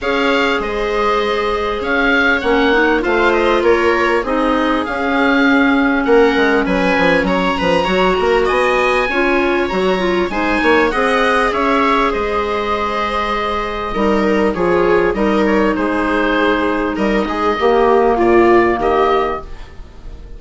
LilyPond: <<
  \new Staff \with { instrumentName = "oboe" } { \time 4/4 \tempo 4 = 99 f''4 dis''2 f''4 | fis''4 f''8 dis''8 cis''4 dis''4 | f''2 fis''4 gis''4 | ais''2 gis''2 |
ais''4 gis''4 fis''4 e''4 | dis''1 | cis''4 dis''8 cis''8 c''2 | dis''2 d''4 dis''4 | }
  \new Staff \with { instrumentName = "viola" } { \time 4/4 cis''4 c''2 cis''4~ | cis''4 c''4 ais'4 gis'4~ | gis'2 ais'4 b'4 | cis''8 b'8 cis''8 ais'8 dis''4 cis''4~ |
cis''4 c''8 cis''8 dis''4 cis''4 | c''2. ais'4 | gis'4 ais'4 gis'2 | ais'8 gis'8 g'4 f'4 g'4 | }
  \new Staff \with { instrumentName = "clarinet" } { \time 4/4 gis'1 | cis'8 dis'8 f'2 dis'4 | cis'1~ | cis'4 fis'2 f'4 |
fis'8 f'8 dis'4 gis'2~ | gis'2. dis'4 | f'4 dis'2.~ | dis'4 ais2. | }
  \new Staff \with { instrumentName = "bassoon" } { \time 4/4 cis'4 gis2 cis'4 | ais4 a4 ais4 c'4 | cis'2 ais8 gis8 fis8 f8 | fis8 f8 fis8 ais8 b4 cis'4 |
fis4 gis8 ais8 c'4 cis'4 | gis2. g4 | f4 g4 gis2 | g8 gis8 ais4 ais,4 dis4 | }
>>